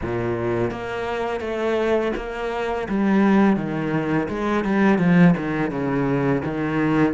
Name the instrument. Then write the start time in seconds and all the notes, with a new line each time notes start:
cello
0.01 A#2
0.70 A#3
1.40 A3
2.16 A#3
2.88 G3
3.56 D#3
4.28 G#3
4.64 G3
4.98 F3
5.37 D#3
5.70 C#3
6.44 D#3